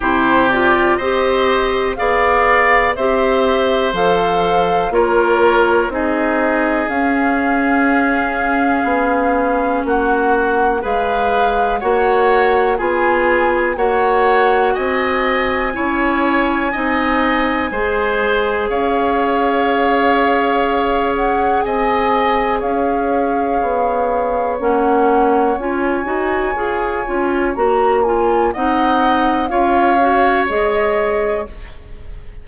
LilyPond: <<
  \new Staff \with { instrumentName = "flute" } { \time 4/4 \tempo 4 = 61 c''8 d''8 dis''4 f''4 e''4 | f''4 cis''4 dis''4 f''4~ | f''2 fis''4 f''4 | fis''4 gis''4 fis''4 gis''4~ |
gis''2. f''4~ | f''4. fis''8 gis''4 f''4~ | f''4 fis''4 gis''2 | ais''8 gis''8 fis''4 f''4 dis''4 | }
  \new Staff \with { instrumentName = "oboe" } { \time 4/4 g'4 c''4 d''4 c''4~ | c''4 ais'4 gis'2~ | gis'2 fis'4 b'4 | cis''4 gis'4 cis''4 dis''4 |
cis''4 dis''4 c''4 cis''4~ | cis''2 dis''4 cis''4~ | cis''1~ | cis''4 dis''4 cis''2 | }
  \new Staff \with { instrumentName = "clarinet" } { \time 4/4 e'8 f'8 g'4 gis'4 g'4 | a'4 f'4 dis'4 cis'4~ | cis'2. gis'4 | fis'4 f'4 fis'2 |
e'4 dis'4 gis'2~ | gis'1~ | gis'4 cis'4 f'8 fis'8 gis'8 f'8 | fis'8 f'8 dis'4 f'8 fis'8 gis'4 | }
  \new Staff \with { instrumentName = "bassoon" } { \time 4/4 c4 c'4 b4 c'4 | f4 ais4 c'4 cis'4~ | cis'4 b4 ais4 gis4 | ais4 b4 ais4 c'4 |
cis'4 c'4 gis4 cis'4~ | cis'2 c'4 cis'4 | b4 ais4 cis'8 dis'8 f'8 cis'8 | ais4 c'4 cis'4 gis4 | }
>>